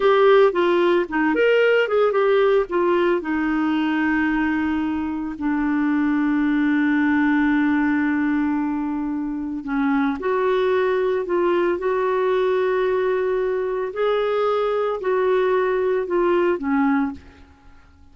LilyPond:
\new Staff \with { instrumentName = "clarinet" } { \time 4/4 \tempo 4 = 112 g'4 f'4 dis'8 ais'4 gis'8 | g'4 f'4 dis'2~ | dis'2 d'2~ | d'1~ |
d'2 cis'4 fis'4~ | fis'4 f'4 fis'2~ | fis'2 gis'2 | fis'2 f'4 cis'4 | }